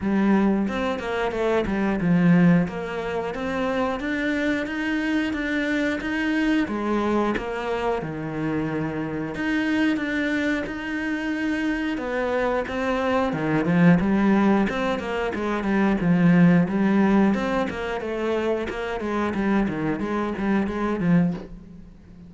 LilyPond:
\new Staff \with { instrumentName = "cello" } { \time 4/4 \tempo 4 = 90 g4 c'8 ais8 a8 g8 f4 | ais4 c'4 d'4 dis'4 | d'4 dis'4 gis4 ais4 | dis2 dis'4 d'4 |
dis'2 b4 c'4 | dis8 f8 g4 c'8 ais8 gis8 g8 | f4 g4 c'8 ais8 a4 | ais8 gis8 g8 dis8 gis8 g8 gis8 f8 | }